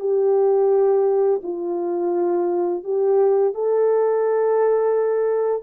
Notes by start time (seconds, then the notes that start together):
0.00 G4
1.43 F4
2.84 G4
3.54 A4